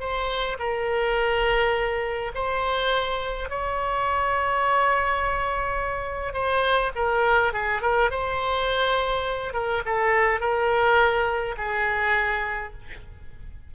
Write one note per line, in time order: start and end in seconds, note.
0.00 0.58 C5
0.59 2.32 A#4
2.35 3.50 C5
3.50 6.34 C#5
6.34 6.92 C5
6.95 7.53 A#4
7.53 7.82 G#4
7.82 8.11 A#4
8.11 9.54 C5
9.54 9.83 A#4
9.86 10.40 A4
10.40 11.56 A#4
11.58 12.73 G#4